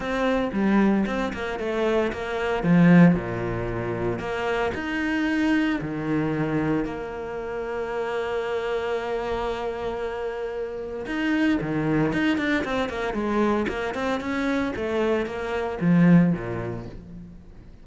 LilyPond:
\new Staff \with { instrumentName = "cello" } { \time 4/4 \tempo 4 = 114 c'4 g4 c'8 ais8 a4 | ais4 f4 ais,2 | ais4 dis'2 dis4~ | dis4 ais2.~ |
ais1~ | ais4 dis'4 dis4 dis'8 d'8 | c'8 ais8 gis4 ais8 c'8 cis'4 | a4 ais4 f4 ais,4 | }